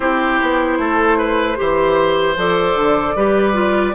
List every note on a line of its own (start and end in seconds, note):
0.00 0.39 C4
0.00 1.56 E4
0.00 0.78 G4
0.00 2.36 C5
0.42 0.78 B3
0.78 1.57 A3
0.78 1.18 A4
1.18 1.57 B4
1.56 2.36 E3
1.56 2.35 G4
1.56 3.15 C5
2.36 2.75 F3
2.36 3.16 A4
2.36 3.95 D5
2.75 3.14 D3
3.15 3.94 G3
3.15 3.53 G4
3.15 3.94 B4
3.53 3.93 F4